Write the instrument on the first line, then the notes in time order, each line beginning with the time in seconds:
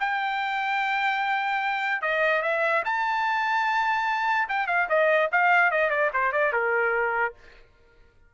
trumpet
0.00 G5
2.02 D#5
2.42 E5
2.85 A5
4.49 G5
4.67 F5
4.89 D#5
5.32 F5
5.71 D#5
5.90 D5
6.13 C5
6.32 D5
6.53 A#4